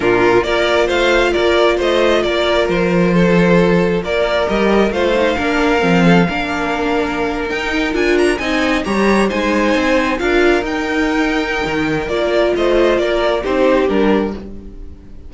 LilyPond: <<
  \new Staff \with { instrumentName = "violin" } { \time 4/4 \tempo 4 = 134 ais'4 d''4 f''4 d''4 | dis''4 d''4 c''2~ | c''4 d''4 dis''4 f''4~ | f''1~ |
f''8. g''4 gis''8 ais''8 gis''4 ais''16~ | ais''8. gis''2 f''4 g''16~ | g''2. d''4 | dis''4 d''4 c''4 ais'4 | }
  \new Staff \with { instrumentName = "violin" } { \time 4/4 f'4 ais'4 c''4 ais'4 | c''4 ais'2 a'4~ | a'4 ais'2 c''4 | ais'4. a'8 ais'2~ |
ais'2~ ais'8. dis''4 cis''16~ | cis''8. c''2 ais'4~ ais'16~ | ais'1 | c''4 ais'4 g'2 | }
  \new Staff \with { instrumentName = "viola" } { \time 4/4 d'4 f'2.~ | f'1~ | f'2 g'4 f'8 dis'8 | d'4 c'4 d'2~ |
d'8. dis'4 f'4 dis'4 g'16~ | g'8. dis'2 f'4 dis'16~ | dis'2. f'4~ | f'2 dis'4 d'4 | }
  \new Staff \with { instrumentName = "cello" } { \time 4/4 ais,4 ais4 a4 ais4 | a4 ais4 f2~ | f4 ais4 g4 a4 | ais4 f4 ais2~ |
ais8. dis'4 d'4 c'4 g16~ | g8. gis4 c'4 d'4 dis'16~ | dis'2 dis4 ais4 | a4 ais4 c'4 g4 | }
>>